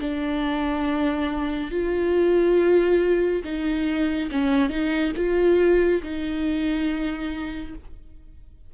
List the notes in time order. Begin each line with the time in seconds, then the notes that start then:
0.00 D4
1.71 F4
3.44 D#4
4.31 C#4
4.69 D#4
5.15 F4
6.02 D#4